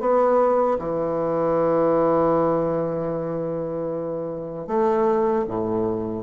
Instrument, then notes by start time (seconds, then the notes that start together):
bassoon
0.00 B3
0.79 E3
4.68 A3
5.48 A2